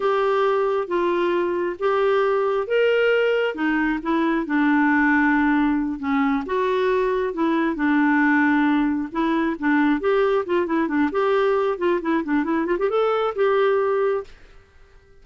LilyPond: \new Staff \with { instrumentName = "clarinet" } { \time 4/4 \tempo 4 = 135 g'2 f'2 | g'2 ais'2 | dis'4 e'4 d'2~ | d'4. cis'4 fis'4.~ |
fis'8 e'4 d'2~ d'8~ | d'8 e'4 d'4 g'4 f'8 | e'8 d'8 g'4. f'8 e'8 d'8 | e'8 f'16 g'16 a'4 g'2 | }